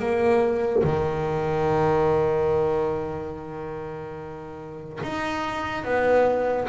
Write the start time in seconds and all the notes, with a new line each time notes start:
0.00 A#3
0.84 D#3
5.04 D#4
5.85 B3